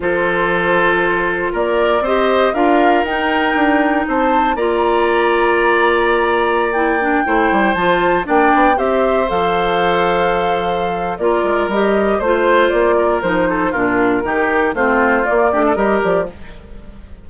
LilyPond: <<
  \new Staff \with { instrumentName = "flute" } { \time 4/4 \tempo 4 = 118 c''2. d''4 | dis''4 f''4 g''2 | a''4 ais''2.~ | ais''4~ ais''16 g''2 a''8.~ |
a''16 g''4 e''4 f''4.~ f''16~ | f''2 d''4 dis''4 | c''4 d''4 c''4 ais'4~ | ais'4 c''4 d''4 dis''8 d''8 | }
  \new Staff \with { instrumentName = "oboe" } { \time 4/4 a'2. ais'4 | c''4 ais'2. | c''4 d''2.~ | d''2~ d''16 c''4.~ c''16~ |
c''16 d''4 c''2~ c''8.~ | c''2 ais'2 | c''4. ais'4 a'8 f'4 | g'4 f'4. g'16 a'16 ais'4 | }
  \new Staff \with { instrumentName = "clarinet" } { \time 4/4 f'1 | g'4 f'4 dis'2~ | dis'4 f'2.~ | f'4~ f'16 e'8 d'8 e'4 f'8.~ |
f'16 d'4 g'4 a'4.~ a'16~ | a'2 f'4 g'4 | f'2 dis'4 d'4 | dis'4 c'4 ais8 d'8 g'4 | }
  \new Staff \with { instrumentName = "bassoon" } { \time 4/4 f2. ais4 | c'4 d'4 dis'4 d'4 | c'4 ais2.~ | ais2~ ais16 a8 g8 f8.~ |
f16 ais8 b8 c'4 f4.~ f16~ | f2 ais8 gis8 g4 | a4 ais4 f4 ais,4 | dis4 a4 ais8 a8 g8 f8 | }
>>